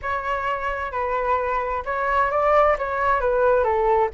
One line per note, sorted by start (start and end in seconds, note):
0.01 0.91 C#5
0.91 1.83 B4
1.85 2.30 C#5
2.30 2.76 D5
2.78 3.20 C#5
3.20 3.63 B4
3.63 4.09 A4